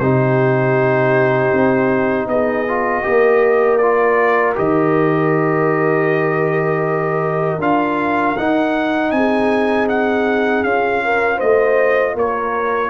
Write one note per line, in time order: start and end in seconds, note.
0.00 1.52 C3
0.00 2.68 D#4
0.00 2.30 G4
0.00 2.28 C5
1.53 2.27 C4
2.27 3.03 B3
2.27 3.04 G#4
2.27 3.77 D#5
2.68 3.03 F4
3.03 4.58 A#3
3.03 3.79 G4
3.03 9.12 A#4
3.77 4.55 F4
3.77 4.53 D5
4.55 7.58 D#3
4.55 7.59 G4
4.55 7.62 D#5
7.58 8.34 D4
7.58 8.37 F4
7.58 8.37 F5
8.37 9.12 D#4
8.37 10.66 D#4
8.37 9.11 F#5
9.11 10.63 C4
9.11 11.05 G#4
9.11 9.87 G#5
9.89 10.64 F#5
10.64 11.41 C#4
10.64 12.91 F4
10.64 11.40 F5
11.05 11.36 A#4
11.36 12.15 A3
11.36 12.12 C5
11.36 12.16 D#5
12.15 12.91 A#3
12.15 12.91 A#4
12.15 12.91 C#5